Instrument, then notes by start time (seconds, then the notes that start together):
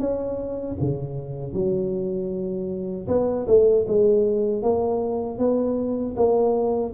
tuba
0.00 C#4
0.81 C#3
1.54 F#3
3.08 B3
3.48 A3
3.88 G#3
4.63 A#3
5.39 B3
6.17 A#3